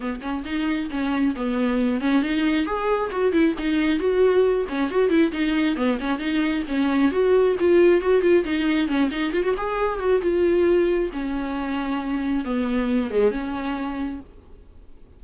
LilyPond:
\new Staff \with { instrumentName = "viola" } { \time 4/4 \tempo 4 = 135 b8 cis'8 dis'4 cis'4 b4~ | b8 cis'8 dis'4 gis'4 fis'8 e'8 | dis'4 fis'4. cis'8 fis'8 e'8 | dis'4 b8 cis'8 dis'4 cis'4 |
fis'4 f'4 fis'8 f'8 dis'4 | cis'8 dis'8 f'16 fis'16 gis'4 fis'8 f'4~ | f'4 cis'2. | b4. gis8 cis'2 | }